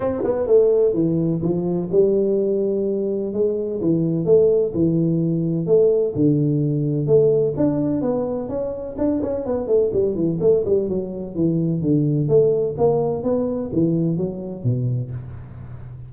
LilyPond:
\new Staff \with { instrumentName = "tuba" } { \time 4/4 \tempo 4 = 127 c'8 b8 a4 e4 f4 | g2. gis4 | e4 a4 e2 | a4 d2 a4 |
d'4 b4 cis'4 d'8 cis'8 | b8 a8 g8 e8 a8 g8 fis4 | e4 d4 a4 ais4 | b4 e4 fis4 b,4 | }